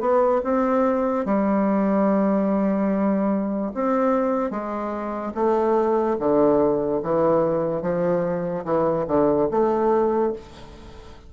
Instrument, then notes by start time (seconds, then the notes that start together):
bassoon
0.00 B3
0.43 C4
1.25 G3
3.74 C4
4.50 G#3
5.34 A3
6.19 D3
7.02 E3
7.82 F3
8.64 E3
9.07 D3
9.51 A3